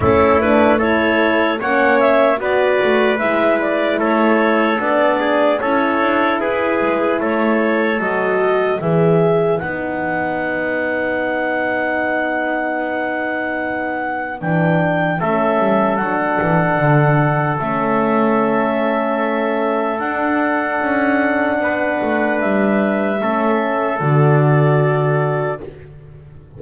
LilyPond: <<
  \new Staff \with { instrumentName = "clarinet" } { \time 4/4 \tempo 4 = 75 a'8 b'8 cis''4 fis''8 e''8 d''4 | e''8 d''8 cis''4 d''4 cis''4 | b'4 cis''4 dis''4 e''4 | fis''1~ |
fis''2 g''4 e''4 | fis''2 e''2~ | e''4 fis''2. | e''2 d''2 | }
  \new Staff \with { instrumentName = "trumpet" } { \time 4/4 e'4 a'4 cis''4 b'4~ | b'4 a'4. gis'8 a'4 | gis'4 a'2 b'4~ | b'1~ |
b'2. a'4~ | a'1~ | a'2. b'4~ | b'4 a'2. | }
  \new Staff \with { instrumentName = "horn" } { \time 4/4 cis'8 d'8 e'4 cis'4 fis'4 | e'2 d'4 e'4~ | e'2 fis'4 gis'4 | dis'1~ |
dis'2 d'4 cis'4 | d'2 cis'2~ | cis'4 d'2.~ | d'4 cis'4 fis'2 | }
  \new Staff \with { instrumentName = "double bass" } { \time 4/4 a2 ais4 b8 a8 | gis4 a4 b4 cis'8 d'8 | e'8 gis8 a4 fis4 e4 | b1~ |
b2 e4 a8 g8 | fis8 e8 d4 a2~ | a4 d'4 cis'4 b8 a8 | g4 a4 d2 | }
>>